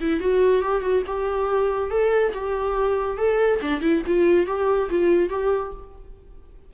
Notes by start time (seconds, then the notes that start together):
0.00 E4
0.20 F#4
0.62 G4
0.81 F#4
1.06 G4
1.90 A4
2.33 G4
3.17 A4
3.61 D4
3.80 E4
4.06 F4
4.46 G4
4.89 F4
5.29 G4